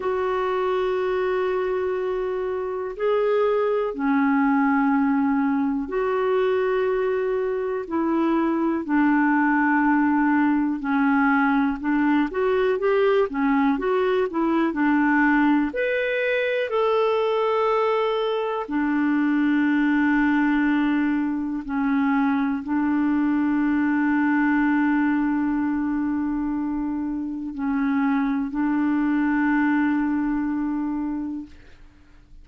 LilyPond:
\new Staff \with { instrumentName = "clarinet" } { \time 4/4 \tempo 4 = 61 fis'2. gis'4 | cis'2 fis'2 | e'4 d'2 cis'4 | d'8 fis'8 g'8 cis'8 fis'8 e'8 d'4 |
b'4 a'2 d'4~ | d'2 cis'4 d'4~ | d'1 | cis'4 d'2. | }